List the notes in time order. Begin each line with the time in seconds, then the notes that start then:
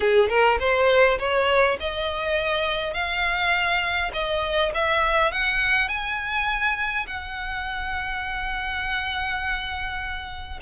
0.00 G#4
0.29 A#4
0.59 C5
1.18 C#5
1.79 D#5
2.93 F5
4.13 D#5
4.74 E5
5.32 F#5
5.88 G#5
7.06 F#5